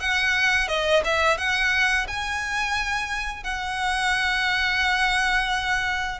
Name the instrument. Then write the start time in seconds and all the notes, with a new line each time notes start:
violin
0.00 F#5
0.68 D#5
1.05 E5
1.38 F#5
2.08 G#5
3.44 F#5